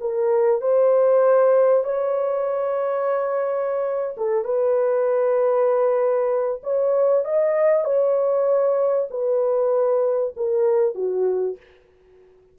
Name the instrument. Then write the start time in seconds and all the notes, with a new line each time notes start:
horn
0.00 A#4
0.61 C5
1.84 C#5
4.17 A4
4.44 B4
6.63 C#5
7.25 D#5
7.84 C#5
9.10 B4
10.36 A#4
10.95 F#4